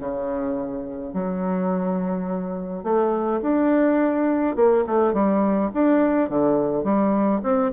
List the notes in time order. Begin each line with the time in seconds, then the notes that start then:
0.00 C#3
1.14 F#3
2.84 A3
3.42 D4
4.56 A#3
4.86 A3
5.14 G3
5.74 D4
6.29 D3
6.84 G3
7.43 C4